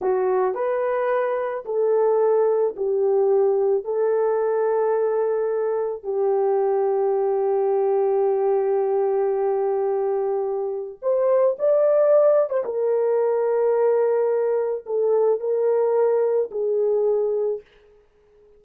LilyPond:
\new Staff \with { instrumentName = "horn" } { \time 4/4 \tempo 4 = 109 fis'4 b'2 a'4~ | a'4 g'2 a'4~ | a'2. g'4~ | g'1~ |
g'1 | c''4 d''4.~ d''16 c''16 ais'4~ | ais'2. a'4 | ais'2 gis'2 | }